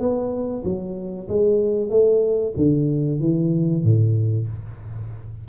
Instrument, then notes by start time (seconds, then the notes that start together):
tuba
0.00 B3
0.64 F#3
1.29 G#3
1.90 A3
2.57 D3
3.21 E3
3.84 A2